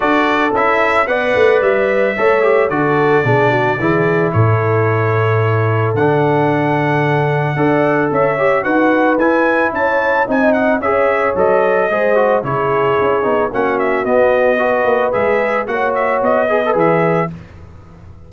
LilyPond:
<<
  \new Staff \with { instrumentName = "trumpet" } { \time 4/4 \tempo 4 = 111 d''4 e''4 fis''4 e''4~ | e''4 d''2. | cis''2. fis''4~ | fis''2. e''4 |
fis''4 gis''4 a''4 gis''8 fis''8 | e''4 dis''2 cis''4~ | cis''4 fis''8 e''8 dis''2 | e''4 fis''8 e''8 dis''4 e''4 | }
  \new Staff \with { instrumentName = "horn" } { \time 4/4 a'2 d''2 | cis''4 a'4 gis'8 fis'8 gis'4 | a'1~ | a'2 d''4 cis''4 |
b'2 cis''4 dis''4 | cis''2 c''4 gis'4~ | gis'4 fis'2 b'4~ | b'4 cis''4. b'4. | }
  \new Staff \with { instrumentName = "trombone" } { \time 4/4 fis'4 e'4 b'2 | a'8 g'8 fis'4 d'4 e'4~ | e'2. d'4~ | d'2 a'4. g'8 |
fis'4 e'2 dis'4 | gis'4 a'4 gis'8 fis'8 e'4~ | e'8 dis'8 cis'4 b4 fis'4 | gis'4 fis'4. gis'16 a'16 gis'4 | }
  \new Staff \with { instrumentName = "tuba" } { \time 4/4 d'4 cis'4 b8 a8 g4 | a4 d4 b,4 e4 | a,2. d4~ | d2 d'4 cis'4 |
dis'4 e'4 cis'4 c'4 | cis'4 fis4 gis4 cis4 | cis'8 b8 ais4 b4. ais8 | gis4 ais4 b4 e4 | }
>>